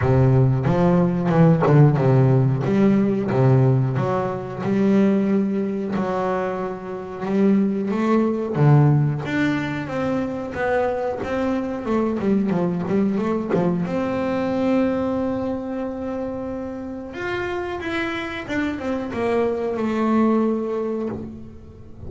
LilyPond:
\new Staff \with { instrumentName = "double bass" } { \time 4/4 \tempo 4 = 91 c4 f4 e8 d8 c4 | g4 c4 fis4 g4~ | g4 fis2 g4 | a4 d4 d'4 c'4 |
b4 c'4 a8 g8 f8 g8 | a8 f8 c'2.~ | c'2 f'4 e'4 | d'8 c'8 ais4 a2 | }